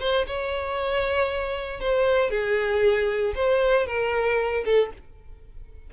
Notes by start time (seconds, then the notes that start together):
0.00 C5
0.27 C#5
1.80 C5
2.30 G#4
3.35 C5
3.87 A#4
4.65 A4